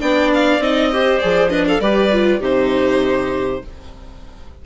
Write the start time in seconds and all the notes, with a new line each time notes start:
0.00 B3 D4 D5 G5
0.33 F5
0.58 C4 D#4 D#5
0.92 G4 C5
1.18 F3 G#4 D5
1.49 D4 B4 D#5
1.67 A4 F5
1.79 G3 G4 B4 D5
2.12 F4
2.39 C3 D#4 G4 C5